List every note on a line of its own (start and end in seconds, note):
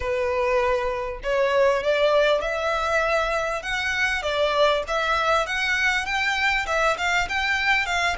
0.00 1.20 B4
1.23 1.83 C#5
1.83 2.41 D5
2.41 3.62 E5
3.62 4.22 F#5
4.22 4.83 D5
4.87 5.46 E5
5.46 6.05 F#5
6.05 6.66 G5
6.66 6.96 E5
6.97 7.28 F5
7.28 7.85 G5
7.85 8.16 F5